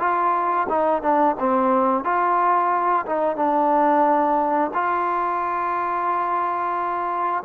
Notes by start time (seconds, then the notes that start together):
0.00 F4
0.70 D#4
1.03 D4
1.40 C4
2.05 F4
3.06 D#4
3.37 D4
4.74 F4